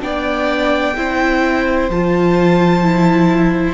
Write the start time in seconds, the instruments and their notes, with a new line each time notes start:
0.00 cello B3, viola D4, violin D5 G5
0.96 cello C4, viola E4, violin C5
1.89 cello F3, viola F4, violin A5
2.83 viola E4